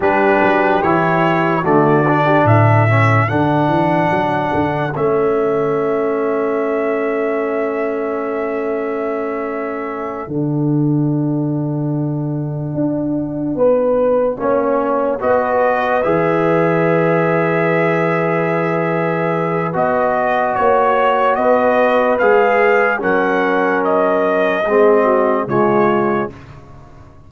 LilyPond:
<<
  \new Staff \with { instrumentName = "trumpet" } { \time 4/4 \tempo 4 = 73 b'4 cis''4 d''4 e''4 | fis''2 e''2~ | e''1~ | e''8 fis''2.~ fis''8~ |
fis''2~ fis''8 dis''4 e''8~ | e''1 | dis''4 cis''4 dis''4 f''4 | fis''4 dis''2 cis''4 | }
  \new Staff \with { instrumentName = "horn" } { \time 4/4 g'2 fis'8. g'16 a'4~ | a'1~ | a'1~ | a'1~ |
a'8 b'4 cis''4 b'4.~ | b'1~ | b'4 cis''4 b'2 | ais'2 gis'8 fis'8 f'4 | }
  \new Staff \with { instrumentName = "trombone" } { \time 4/4 d'4 e'4 a8 d'4 cis'8 | d'2 cis'2~ | cis'1~ | cis'8 d'2.~ d'8~ |
d'4. cis'4 fis'4 gis'8~ | gis'1 | fis'2. gis'4 | cis'2 c'4 gis4 | }
  \new Staff \with { instrumentName = "tuba" } { \time 4/4 g8 fis8 e4 d4 a,4 | d8 e8 fis8 d8 a2~ | a1~ | a8 d2. d'8~ |
d'8 b4 ais4 b4 e8~ | e1 | b4 ais4 b4 gis4 | fis2 gis4 cis4 | }
>>